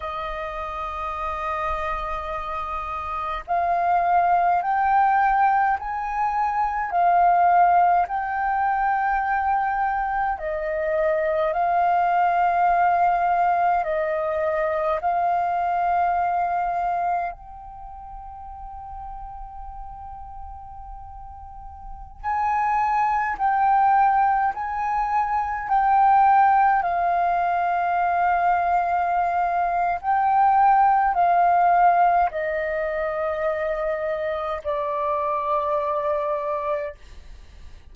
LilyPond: \new Staff \with { instrumentName = "flute" } { \time 4/4 \tempo 4 = 52 dis''2. f''4 | g''4 gis''4 f''4 g''4~ | g''4 dis''4 f''2 | dis''4 f''2 g''4~ |
g''2.~ g''16 gis''8.~ | gis''16 g''4 gis''4 g''4 f''8.~ | f''2 g''4 f''4 | dis''2 d''2 | }